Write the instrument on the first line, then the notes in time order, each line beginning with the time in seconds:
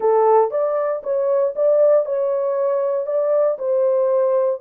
horn
0.00 A4
0.50 D5
1.03 C#5
1.55 D5
2.05 C#5
3.06 D5
3.58 C5